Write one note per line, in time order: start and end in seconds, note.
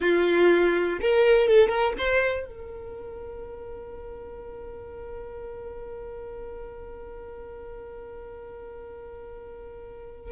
0.00 0.99 F4
1.01 1.47 A#4
1.47 1.68 A4
1.68 1.93 A#4
1.98 2.46 C5
2.46 10.31 A#4